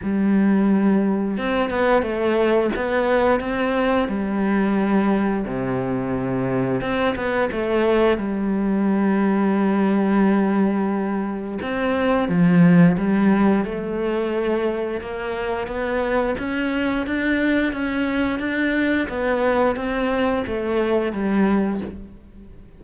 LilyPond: \new Staff \with { instrumentName = "cello" } { \time 4/4 \tempo 4 = 88 g2 c'8 b8 a4 | b4 c'4 g2 | c2 c'8 b8 a4 | g1~ |
g4 c'4 f4 g4 | a2 ais4 b4 | cis'4 d'4 cis'4 d'4 | b4 c'4 a4 g4 | }